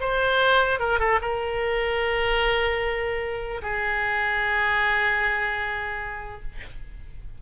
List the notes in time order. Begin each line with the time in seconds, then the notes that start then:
0.00 C5
0.79 A#4
0.99 A4
1.21 A#4
3.62 G#4